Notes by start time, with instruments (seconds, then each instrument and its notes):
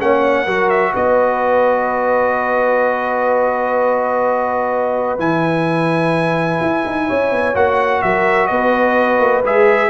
0.00 tuba A#3, trombone C#4, horn C#5, trumpet F#5
0.45 tuba F#3, trombone F#4, horn A#4
0.70 trumpet E5
0.93 tuba B3, horn B4, trumpet D#5
5.19 tuba E3, trombone E4, trumpet G#5
6.62 tuba E4
6.87 tuba D#4
7.07 tuba C#4, horn C#5
7.32 tuba B3
7.55 tuba A#3, trombone F#4, trumpet F#5
8.03 tuba F#3, horn A#4, trumpet E5
8.47 tuba B3, horn B4, trumpet D#5
9.20 tuba A#3
9.44 tuba G#3, trombone G#4, trumpet E5